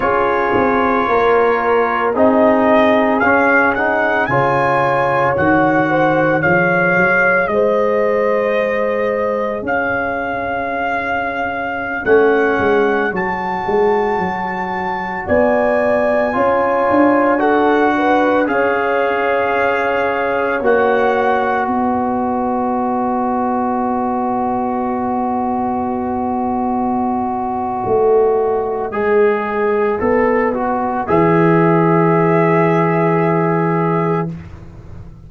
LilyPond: <<
  \new Staff \with { instrumentName = "trumpet" } { \time 4/4 \tempo 4 = 56 cis''2 dis''4 f''8 fis''8 | gis''4 fis''4 f''4 dis''4~ | dis''4 f''2~ f''16 fis''8.~ | fis''16 a''2 gis''4.~ gis''16~ |
gis''16 fis''4 f''2 fis''8.~ | fis''16 dis''2.~ dis''8.~ | dis''1~ | dis''4 e''2. | }
  \new Staff \with { instrumentName = "horn" } { \time 4/4 gis'4 ais'4 gis'2 | cis''4. c''8 cis''4 c''4~ | c''4 cis''2.~ | cis''2~ cis''16 d''4 cis''8.~ |
cis''16 a'8 b'8 cis''2~ cis''8.~ | cis''16 b'2.~ b'8.~ | b'1~ | b'1 | }
  \new Staff \with { instrumentName = "trombone" } { \time 4/4 f'2 dis'4 cis'8 dis'8 | f'4 fis'4 gis'2~ | gis'2.~ gis'16 cis'8.~ | cis'16 fis'2. f'8.~ |
f'16 fis'4 gis'2 fis'8.~ | fis'1~ | fis'2. gis'4 | a'8 fis'8 gis'2. | }
  \new Staff \with { instrumentName = "tuba" } { \time 4/4 cis'8 c'8 ais4 c'4 cis'4 | cis4 dis4 f8 fis8 gis4~ | gis4 cis'2~ cis'16 a8 gis16~ | gis16 fis8 gis8 fis4 b4 cis'8 d'16~ |
d'4~ d'16 cis'2 ais8.~ | ais16 b2.~ b8.~ | b2 a4 gis4 | b4 e2. | }
>>